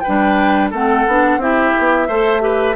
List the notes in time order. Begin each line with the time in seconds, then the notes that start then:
0.00 B4 G5
0.07 G3 D4
0.71 A3 C4 A4 F#5
1.07 B3 D4
1.37 C4 E4 G4 E5
1.79 B3
2.08 A3 A4 C5
2.41 G4 B4